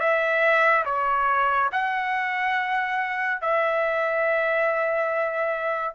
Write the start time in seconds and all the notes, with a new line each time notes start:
0.00 E5
0.85 C#5
1.72 F#5
3.41 E5